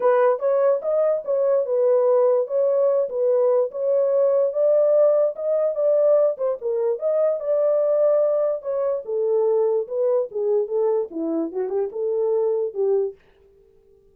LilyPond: \new Staff \with { instrumentName = "horn" } { \time 4/4 \tempo 4 = 146 b'4 cis''4 dis''4 cis''4 | b'2 cis''4. b'8~ | b'4 cis''2 d''4~ | d''4 dis''4 d''4. c''8 |
ais'4 dis''4 d''2~ | d''4 cis''4 a'2 | b'4 gis'4 a'4 e'4 | fis'8 g'8 a'2 g'4 | }